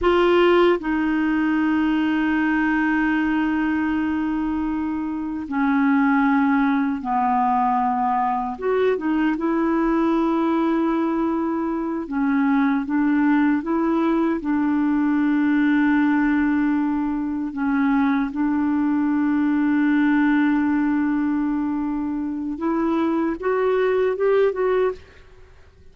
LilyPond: \new Staff \with { instrumentName = "clarinet" } { \time 4/4 \tempo 4 = 77 f'4 dis'2.~ | dis'2. cis'4~ | cis'4 b2 fis'8 dis'8 | e'2.~ e'8 cis'8~ |
cis'8 d'4 e'4 d'4.~ | d'2~ d'8 cis'4 d'8~ | d'1~ | d'4 e'4 fis'4 g'8 fis'8 | }